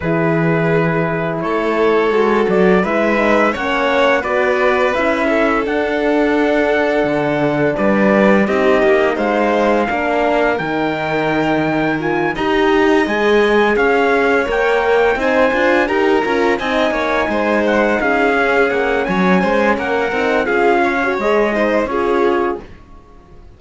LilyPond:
<<
  \new Staff \with { instrumentName = "trumpet" } { \time 4/4 \tempo 4 = 85 b'2 cis''4. d''8 | e''4 fis''4 d''4 e''4 | fis''2. d''4 | dis''4 f''2 g''4~ |
g''4 gis''8 ais''4 gis''4 f''8~ | f''8 g''4 gis''4 ais''4 gis''8~ | gis''4 fis''8 f''4 fis''8 gis''4 | fis''4 f''4 dis''4 cis''4 | }
  \new Staff \with { instrumentName = "violin" } { \time 4/4 gis'2 a'2 | b'4 cis''4 b'4. a'8~ | a'2. b'4 | g'4 c''4 ais'2~ |
ais'4. dis''2 cis''8~ | cis''4. c''4 ais'4 dis''8 | cis''8 c''4 gis'4. cis''8 c''8 | ais'4 gis'8 cis''4 c''8 gis'4 | }
  \new Staff \with { instrumentName = "horn" } { \time 4/4 e'2. fis'4 | e'8 dis'8 cis'4 fis'4 e'4 | d'1 | dis'2 d'4 dis'4~ |
dis'4 f'8 g'4 gis'4.~ | gis'8 ais'4 dis'8 f'8 g'8 f'8 dis'8~ | dis'2 cis'2~ | cis'8 dis'8 f'8. fis'16 gis'8 dis'8 f'4 | }
  \new Staff \with { instrumentName = "cello" } { \time 4/4 e2 a4 gis8 fis8 | gis4 ais4 b4 cis'4 | d'2 d4 g4 | c'8 ais8 gis4 ais4 dis4~ |
dis4. dis'4 gis4 cis'8~ | cis'8 ais4 c'8 d'8 dis'8 cis'8 c'8 | ais8 gis4 cis'4 ais8 fis8 gis8 | ais8 c'8 cis'4 gis4 cis'4 | }
>>